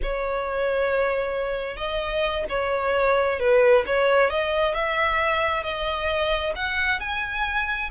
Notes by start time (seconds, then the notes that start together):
0.02 C#5
1.77 D#5
2.49 C#5
3.39 B4
3.86 C#5
4.30 D#5
4.74 E5
5.63 D#5
6.55 F#5
6.99 G#5